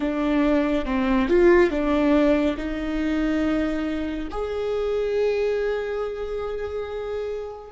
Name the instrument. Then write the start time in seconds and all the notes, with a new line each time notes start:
viola
0.00 D4
0.85 C4
1.28 F4
1.70 D4
2.57 D#4
4.31 G#4